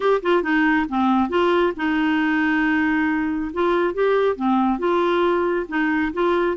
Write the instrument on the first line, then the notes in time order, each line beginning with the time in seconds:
clarinet
0.00 G4
0.22 F4
0.42 D#4
0.88 C4
1.29 F4
1.76 D#4
3.53 F4
3.93 G4
4.36 C4
4.78 F4
5.68 D#4
6.13 F4